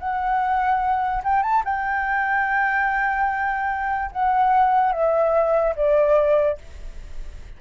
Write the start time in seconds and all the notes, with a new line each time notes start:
0.00 F#5
1.24 G5
1.43 A5
1.65 G5
4.12 F#5
4.92 E5
5.76 D5